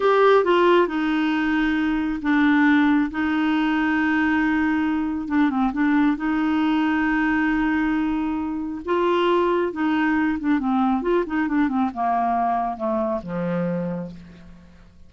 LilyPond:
\new Staff \with { instrumentName = "clarinet" } { \time 4/4 \tempo 4 = 136 g'4 f'4 dis'2~ | dis'4 d'2 dis'4~ | dis'1 | d'8 c'8 d'4 dis'2~ |
dis'1 | f'2 dis'4. d'8 | c'4 f'8 dis'8 d'8 c'8 ais4~ | ais4 a4 f2 | }